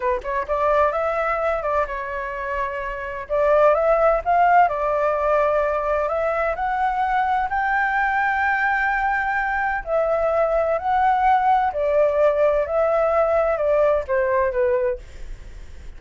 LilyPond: \new Staff \with { instrumentName = "flute" } { \time 4/4 \tempo 4 = 128 b'8 cis''8 d''4 e''4. d''8 | cis''2. d''4 | e''4 f''4 d''2~ | d''4 e''4 fis''2 |
g''1~ | g''4 e''2 fis''4~ | fis''4 d''2 e''4~ | e''4 d''4 c''4 b'4 | }